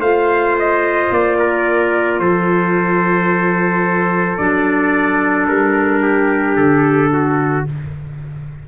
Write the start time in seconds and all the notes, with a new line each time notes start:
0.00 A3 F4 C5 F5
0.59 D#5
1.11 A#3 D5
1.40 A#4
2.20 F3 A4 C5
4.38 F#3 D4 D5
5.48 G3 A#4
6.02 G4
6.56 D3 A4
7.14 F#4